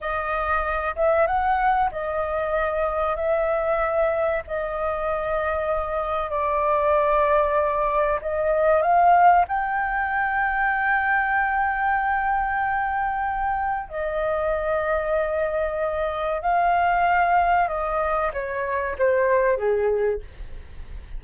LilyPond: \new Staff \with { instrumentName = "flute" } { \time 4/4 \tempo 4 = 95 dis''4. e''8 fis''4 dis''4~ | dis''4 e''2 dis''4~ | dis''2 d''2~ | d''4 dis''4 f''4 g''4~ |
g''1~ | g''2 dis''2~ | dis''2 f''2 | dis''4 cis''4 c''4 gis'4 | }